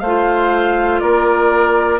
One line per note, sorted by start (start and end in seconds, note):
0.00 1.01 A3
0.00 1.01 C5
0.00 0.99 F5
0.06 2.00 F4
0.99 2.00 A#3
0.99 2.00 A#4
0.99 1.99 D5